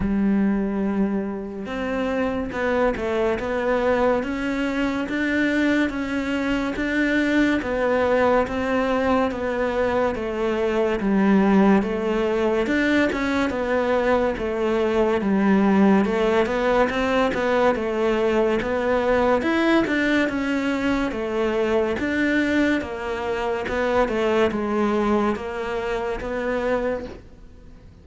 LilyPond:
\new Staff \with { instrumentName = "cello" } { \time 4/4 \tempo 4 = 71 g2 c'4 b8 a8 | b4 cis'4 d'4 cis'4 | d'4 b4 c'4 b4 | a4 g4 a4 d'8 cis'8 |
b4 a4 g4 a8 b8 | c'8 b8 a4 b4 e'8 d'8 | cis'4 a4 d'4 ais4 | b8 a8 gis4 ais4 b4 | }